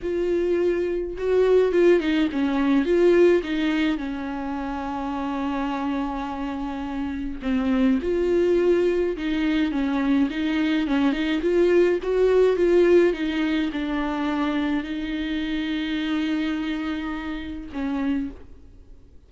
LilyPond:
\new Staff \with { instrumentName = "viola" } { \time 4/4 \tempo 4 = 105 f'2 fis'4 f'8 dis'8 | cis'4 f'4 dis'4 cis'4~ | cis'1~ | cis'4 c'4 f'2 |
dis'4 cis'4 dis'4 cis'8 dis'8 | f'4 fis'4 f'4 dis'4 | d'2 dis'2~ | dis'2. cis'4 | }